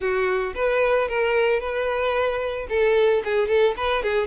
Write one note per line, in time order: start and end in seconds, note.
0.00 0.54 F#4
0.54 1.08 B4
1.08 1.59 A#4
1.59 2.67 B4
2.69 3.23 A4
3.24 3.47 G#4
3.47 3.74 A4
3.76 4.02 B4
4.02 4.27 G#4